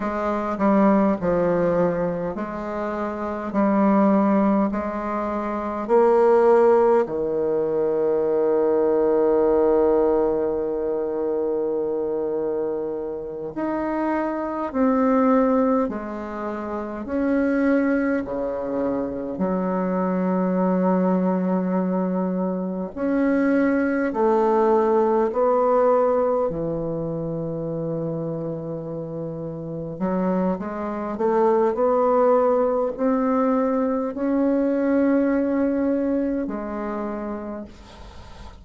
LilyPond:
\new Staff \with { instrumentName = "bassoon" } { \time 4/4 \tempo 4 = 51 gis8 g8 f4 gis4 g4 | gis4 ais4 dis2~ | dis2.~ dis8 dis'8~ | dis'8 c'4 gis4 cis'4 cis8~ |
cis8 fis2. cis'8~ | cis'8 a4 b4 e4.~ | e4. fis8 gis8 a8 b4 | c'4 cis'2 gis4 | }